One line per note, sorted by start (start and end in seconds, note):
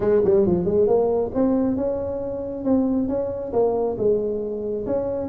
0.00 0.22 G#3
0.24 0.46 G3
0.46 0.65 F3
0.65 0.87 G#3
0.87 1.31 A#3
1.34 1.76 C4
1.76 2.64 C#4
2.64 3.08 C4
3.08 3.52 C#4
3.52 3.96 A#3
3.97 4.86 G#3
4.86 5.28 C#4